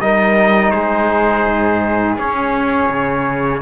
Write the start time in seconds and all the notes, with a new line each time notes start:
0.00 G3 D#4 A#4 D#5
0.70 G#3 G#4 C5
1.46 G#2
2.18 C#4 C#5
2.89 C#3